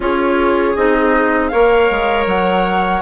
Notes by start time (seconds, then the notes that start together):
0.00 C#4 F4 G#4 C#5
0.76 C4 D#4 D#5
1.48 A#3 A#4 C#5 F5
1.90 G#3
2.26 F#3 F#5